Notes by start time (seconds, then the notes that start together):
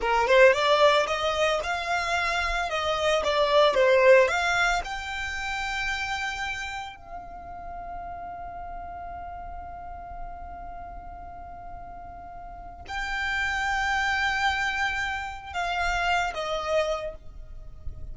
0.00 A#4
0.27 C5
0.53 D5
1.06 D#5
1.63 F5
2.69 D#5
3.23 D5
3.74 C5
4.28 F5
4.84 G5
6.96 F5
12.88 G5
15.53 F5
16.34 D#5